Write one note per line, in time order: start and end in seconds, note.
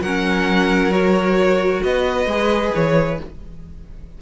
0.00 1.80 F#3
0.00 0.91 C#4
0.00 1.84 A#4
0.00 0.92 F#5
0.91 2.27 F#4
0.91 1.83 C#5
1.84 2.26 B3
1.84 3.22 B4
1.84 2.74 D#5
2.26 2.71 G#3
2.26 3.19 G#4
2.75 3.20 E3
2.75 3.20 C#5